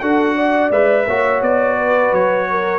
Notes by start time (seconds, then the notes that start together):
0.00 D4 F#4 A4 F#5
0.35 D5
0.71 G#3 B4 E5
1.07 A#3 F#4 C#5
1.41 B3 D5
1.76 B4
2.12 F#3 C#5
2.50 A#4